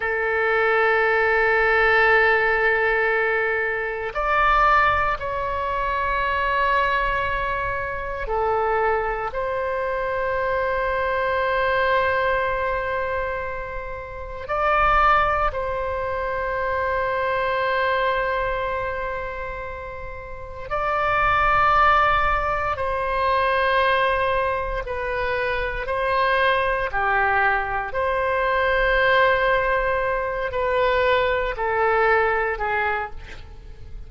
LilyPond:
\new Staff \with { instrumentName = "oboe" } { \time 4/4 \tempo 4 = 58 a'1 | d''4 cis''2. | a'4 c''2.~ | c''2 d''4 c''4~ |
c''1 | d''2 c''2 | b'4 c''4 g'4 c''4~ | c''4. b'4 a'4 gis'8 | }